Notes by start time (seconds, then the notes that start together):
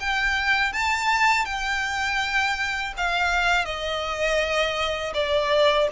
0.00 G5
0.73 A5
1.46 G5
2.98 F5
3.66 D#5
5.14 D5